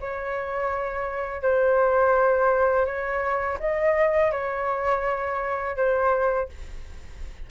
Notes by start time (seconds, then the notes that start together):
0.00 C#5
1.42 C5
2.86 C#5
3.59 D#5
4.31 C#5
5.76 C5